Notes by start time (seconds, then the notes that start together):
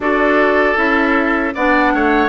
0.00 D4 F#4 A4 D5
0.75 C#4 E4 E5
1.54 B3 D4 D5 F#5
1.94 A3 C#5